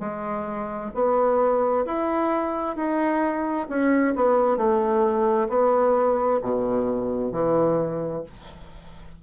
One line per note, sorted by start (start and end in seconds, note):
0.00 0.91 G#3
0.94 1.85 B3
1.86 2.76 E4
2.76 3.67 D#4
3.69 4.14 C#4
4.16 4.57 B3
4.57 5.48 A3
5.49 6.40 B3
6.42 7.32 B2
7.32 8.23 E3